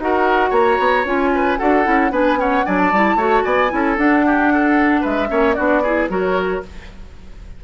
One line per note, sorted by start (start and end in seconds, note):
0.00 0.52 D#4
0.00 1.06 F#4
0.00 0.50 A#4
0.00 0.53 F#5
0.50 0.78 A#3
0.50 1.30 C#5
0.50 1.06 A#5
0.79 1.05 B3
1.05 1.58 C#4
1.05 1.59 F4
1.05 1.59 G#5
1.35 1.59 B4
1.59 1.87 D4
1.59 1.84 F#4
1.59 2.12 A4
1.59 2.12 F#5
1.84 2.11 C#4
1.84 2.11 E4
2.11 2.64 B3
2.11 2.38 D4
2.11 2.39 B4
2.11 2.40 G#5
2.38 2.64 C#4
2.38 2.66 C#5
2.38 2.66 F#5
2.66 2.93 F#3
2.66 2.92 D4
2.66 3.17 D5
2.66 2.79 G#5
2.79 3.45 A5
2.93 3.16 G3
2.93 3.18 E4
3.16 3.42 A3
3.16 3.70 F#4
3.16 3.44 C#5
3.45 3.72 B3
3.45 3.71 D5
3.45 3.98 G#5
3.70 3.98 C#4
3.70 3.96 E4
3.70 4.27 A4
3.98 5.04 D4
3.98 5.29 D4
3.98 5.04 F#5
4.27 4.53 G4
4.53 5.01 A4
5.01 5.31 G#3
5.01 5.28 B4
5.01 5.54 E5
5.29 5.57 A#3
5.29 5.55 C#4
5.29 5.56 C#5
5.54 6.10 B3
5.54 5.83 D4
5.54 5.83 F#4
5.54 6.07 D5
5.83 6.09 E4
5.83 6.10 G#4
6.09 6.63 F#3
6.09 6.62 F#4
6.09 6.65 A#4
6.09 6.63 C#5